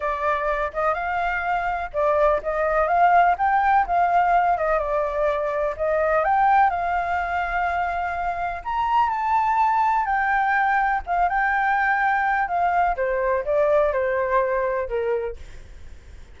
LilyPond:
\new Staff \with { instrumentName = "flute" } { \time 4/4 \tempo 4 = 125 d''4. dis''8 f''2 | d''4 dis''4 f''4 g''4 | f''4. dis''8 d''2 | dis''4 g''4 f''2~ |
f''2 ais''4 a''4~ | a''4 g''2 f''8 g''8~ | g''2 f''4 c''4 | d''4 c''2 ais'4 | }